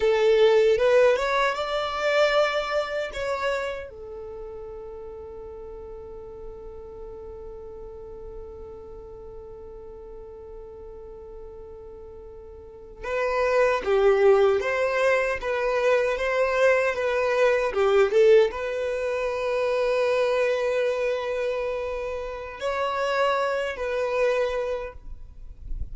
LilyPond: \new Staff \with { instrumentName = "violin" } { \time 4/4 \tempo 4 = 77 a'4 b'8 cis''8 d''2 | cis''4 a'2.~ | a'1~ | a'1~ |
a'8. b'4 g'4 c''4 b'16~ | b'8. c''4 b'4 g'8 a'8 b'16~ | b'1~ | b'4 cis''4. b'4. | }